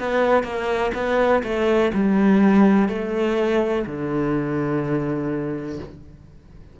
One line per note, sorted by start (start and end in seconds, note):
0.00 0.44 B3
0.44 0.92 A#3
0.95 1.43 B3
1.44 1.92 A3
1.94 2.89 G3
2.89 3.86 A3
3.86 5.80 D3